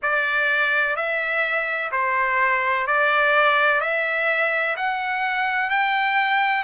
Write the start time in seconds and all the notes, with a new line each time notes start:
0.02 D5
0.95 E5
1.91 C5
2.87 D5
3.81 E5
4.76 F#5
5.69 G5